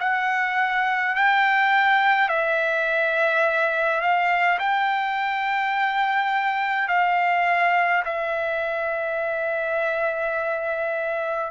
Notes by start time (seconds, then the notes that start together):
0.00 F#5
1.16 G5
2.29 E5
4.01 F5
4.59 G5
6.88 F5
8.05 E5